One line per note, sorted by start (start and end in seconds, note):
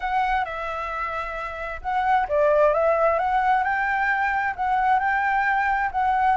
0.00 0.44 F#5
0.44 1.81 E5
1.81 2.27 F#5
2.28 2.73 D5
2.73 3.18 E5
3.18 3.63 F#5
3.63 4.54 G5
4.56 4.99 F#5
4.99 5.90 G5
5.91 6.36 F#5